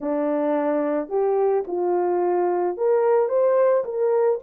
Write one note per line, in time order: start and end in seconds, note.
0.00 1.08 D4
1.08 1.63 G4
1.67 2.77 F4
2.77 3.29 A#4
3.29 3.84 C5
3.84 4.39 A#4